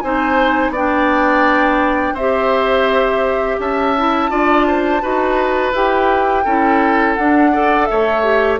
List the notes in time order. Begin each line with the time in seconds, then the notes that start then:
0.00 C4 D#4 C5 G#5
0.69 B3 D5
0.76 D4 G5
2.13 C4 G4 C5 E5
3.59 C#4 E5 A5
3.98 E4
4.29 D4 F4 D5
4.67 C5
5.01 D#4 F#4 B4
5.72 E4 G4 G5
6.44 C#4 E4 A4
7.15 D4 F#5
7.52 A4 D5
7.86 A3 C#5 E5
8.23 G4